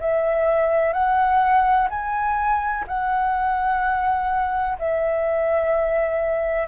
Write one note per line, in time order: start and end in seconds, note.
0.00 0.93 E5
0.93 1.88 F#5
1.90 2.85 G#5
2.87 4.78 F#5
4.79 6.68 E5